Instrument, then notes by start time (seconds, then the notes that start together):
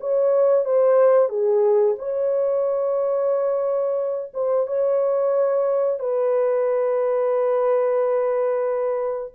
horn
0.00 C#5
0.65 C5
1.29 G#4
1.98 C#5
4.34 C5
4.67 C#5
5.99 B4